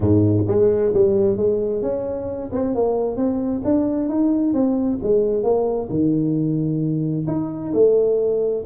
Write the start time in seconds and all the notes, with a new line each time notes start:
0.00 G#2
0.47 G#3
0.93 G3
1.36 G#3
1.82 C#4
2.52 C4
2.74 A#3
3.16 C4
3.64 D4
4.08 D#4
4.53 C4
5.02 G#3
5.43 A#3
5.89 D#3
7.27 D#4
7.73 A3